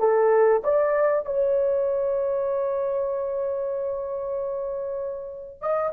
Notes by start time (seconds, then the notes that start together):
0.00 A4
0.64 D5
1.26 C#5
5.62 D#5